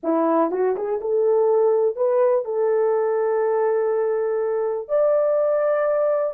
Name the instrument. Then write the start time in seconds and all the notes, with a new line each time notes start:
horn
0.03 E4
0.51 F#4
0.75 G#4
1.00 A4
1.95 B4
2.44 A4
4.88 D5